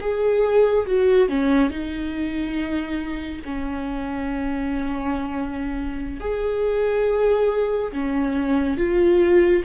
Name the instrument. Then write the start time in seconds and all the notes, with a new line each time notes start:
viola
0.00 G#4
0.86 F#4
1.29 C#4
1.70 D#4
3.44 C#4
6.20 G#4
7.92 C#4
8.77 F4